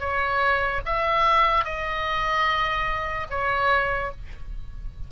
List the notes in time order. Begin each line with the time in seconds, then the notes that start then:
0.00 C#5
0.86 E5
1.65 D#5
3.30 C#5